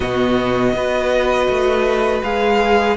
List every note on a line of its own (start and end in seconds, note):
0.00 0.73 B2
0.00 0.74 B3
0.00 0.73 F#4
0.00 2.21 D#5
0.73 1.47 B3
0.73 2.23 F#4
0.73 2.96 B4
1.48 2.22 A3
2.23 2.96 G#3
2.23 2.96 G#4
2.23 2.96 F5